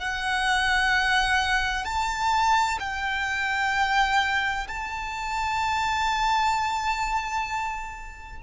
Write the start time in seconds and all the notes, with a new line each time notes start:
0.00 F#5
1.85 A5
2.80 G5
4.68 A5